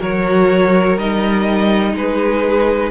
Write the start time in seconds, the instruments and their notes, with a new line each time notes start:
0.00 cello F#3, viola F#4, violin A#4 C#5
0.98 cello G3, viola D#4, violin D#5
1.94 cello G#3, violin G#4 B4